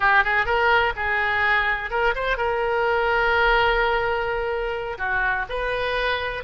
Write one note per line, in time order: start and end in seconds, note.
0.00 0.24 G4
0.24 0.45 G#4
0.45 0.93 A#4
0.95 1.90 G#4
1.90 2.14 A#4
2.15 2.37 C5
2.37 4.98 A#4
4.98 5.45 F#4
5.49 6.43 B4